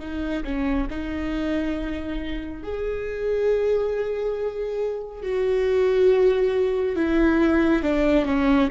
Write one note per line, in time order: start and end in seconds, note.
0.00 0.43 D#4
0.45 0.88 C#4
0.90 2.63 D#4
2.63 5.23 G#4
5.23 6.96 F#4
6.96 7.83 E4
7.83 8.26 D4
8.26 8.69 C#4